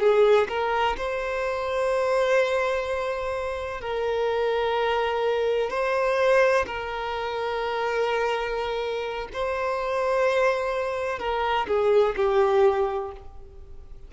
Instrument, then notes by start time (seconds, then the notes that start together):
violin
0.00 G#4
0.49 A#4
0.97 C5
3.81 A#4
5.71 C5
6.67 A#4
9.33 C5
11.19 A#4
11.68 G#4
12.16 G4